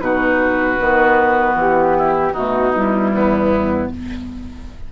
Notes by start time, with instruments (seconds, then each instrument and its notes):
0.00 bassoon B2, clarinet D#4, oboe F#4, flute B4
0.78 bassoon D#3, clarinet B3
1.55 bassoon E3, flute G4
1.97 oboe E4
2.32 bassoon B2, clarinet A3, oboe D#4, flute F#4
2.73 clarinet G3, flute E4
3.13 bassoon E2, oboe B3